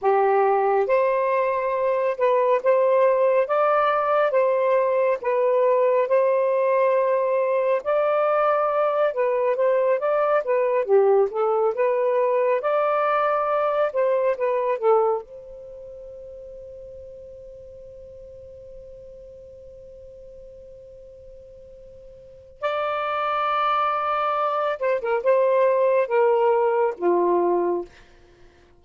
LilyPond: \new Staff \with { instrumentName = "saxophone" } { \time 4/4 \tempo 4 = 69 g'4 c''4. b'8 c''4 | d''4 c''4 b'4 c''4~ | c''4 d''4. b'8 c''8 d''8 | b'8 g'8 a'8 b'4 d''4. |
c''8 b'8 a'8 c''2~ c''8~ | c''1~ | c''2 d''2~ | d''8 c''16 ais'16 c''4 ais'4 f'4 | }